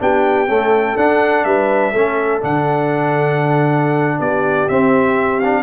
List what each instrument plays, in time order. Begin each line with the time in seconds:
0.00 tuba B3, trombone D4, horn G4, trumpet G5
0.48 trombone A3, tuba C#4, horn A4
0.97 tuba D4, trombone D4, trumpet F#5
1.45 tuba G3, horn B4, trumpet E5
1.92 tuba A3, trombone C#4, horn A4
2.42 tuba D3, trombone D4, trumpet F#5
4.20 tuba B3, horn G4, trumpet D5
4.69 tuba C4, trombone C4, trumpet E5
5.40 trombone D4, trumpet F5